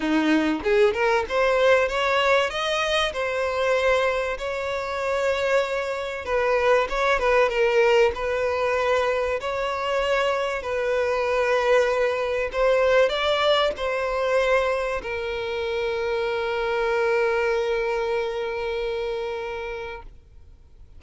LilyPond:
\new Staff \with { instrumentName = "violin" } { \time 4/4 \tempo 4 = 96 dis'4 gis'8 ais'8 c''4 cis''4 | dis''4 c''2 cis''4~ | cis''2 b'4 cis''8 b'8 | ais'4 b'2 cis''4~ |
cis''4 b'2. | c''4 d''4 c''2 | ais'1~ | ais'1 | }